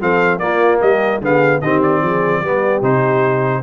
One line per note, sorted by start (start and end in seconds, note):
0.00 0.39 F3
0.00 0.40 C4
0.00 0.41 A4
0.00 0.38 F5
0.38 0.79 A#3
0.38 1.22 A#3
0.38 0.82 F4
0.38 0.79 D5
0.81 1.21 G3
0.81 1.21 G4
0.81 1.21 D#5
1.21 1.61 D3
1.21 1.62 B3
1.21 1.62 G#4
1.21 1.61 F5
1.61 2.02 D#3
1.61 2.44 C4
1.61 2.03 G4
1.61 1.81 D#5
1.83 2.83 D5
2.02 2.41 F3
2.02 2.41 G#4
2.41 2.81 G3
2.41 2.82 B3
2.41 3.61 G4
2.82 3.62 C3
2.82 3.62 D#4
2.82 3.62 C5